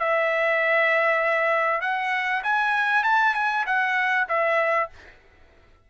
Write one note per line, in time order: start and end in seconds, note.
0.00 1.81 E5
1.81 2.43 F#5
2.44 3.04 G#5
3.04 3.35 A5
3.35 3.65 G#5
3.67 4.28 F#5
4.29 4.90 E5